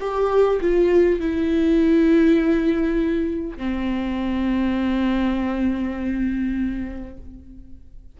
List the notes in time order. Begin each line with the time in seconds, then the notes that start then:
0.00 G4
0.61 F4
1.20 E4
3.57 C4